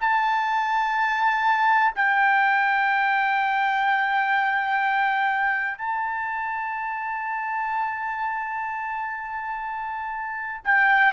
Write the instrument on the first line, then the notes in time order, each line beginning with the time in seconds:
trumpet
0.00 A5
1.95 G5
5.78 A5
10.64 G5